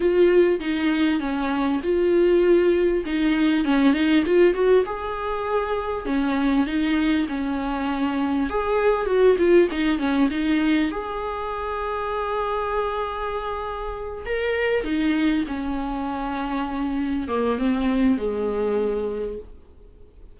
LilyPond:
\new Staff \with { instrumentName = "viola" } { \time 4/4 \tempo 4 = 99 f'4 dis'4 cis'4 f'4~ | f'4 dis'4 cis'8 dis'8 f'8 fis'8 | gis'2 cis'4 dis'4 | cis'2 gis'4 fis'8 f'8 |
dis'8 cis'8 dis'4 gis'2~ | gis'2.~ gis'8 ais'8~ | ais'8 dis'4 cis'2~ cis'8~ | cis'8 ais8 c'4 gis2 | }